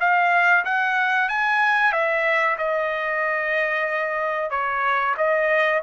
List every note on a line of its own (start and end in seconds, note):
0.00 0.65 F5
0.65 1.29 F#5
1.29 1.92 G#5
1.92 2.57 E5
2.58 4.50 D#5
4.50 5.15 C#5
5.17 5.82 D#5